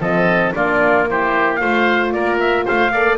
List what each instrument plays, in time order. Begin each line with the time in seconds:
0.00 double bass F3, horn C4, oboe A4, trumpet D#5
0.55 double bass A#3, horn D4, oboe F4, trumpet D5
1.08 horn E4, oboe G4, trumpet C5
1.56 double bass A3, horn F4, oboe C5, trumpet F5
2.13 double bass A#3, oboe A#4, trumpet D5
2.40 trumpet E5
2.66 double bass A3, oboe C5, trumpet F5
2.91 double bass A#3, horn A4, oboe D5